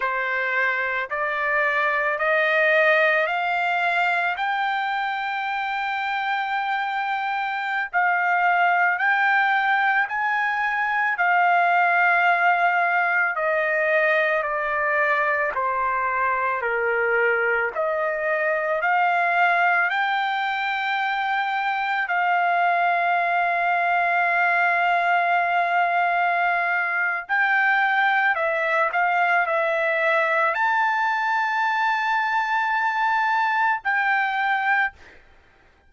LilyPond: \new Staff \with { instrumentName = "trumpet" } { \time 4/4 \tempo 4 = 55 c''4 d''4 dis''4 f''4 | g''2.~ g''16 f''8.~ | f''16 g''4 gis''4 f''4.~ f''16~ | f''16 dis''4 d''4 c''4 ais'8.~ |
ais'16 dis''4 f''4 g''4.~ g''16~ | g''16 f''2.~ f''8.~ | f''4 g''4 e''8 f''8 e''4 | a''2. g''4 | }